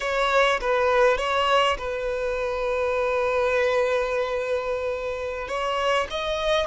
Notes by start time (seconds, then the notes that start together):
0.00 C#5
0.60 B4
1.17 C#5
1.77 B4
5.48 C#5
6.10 D#5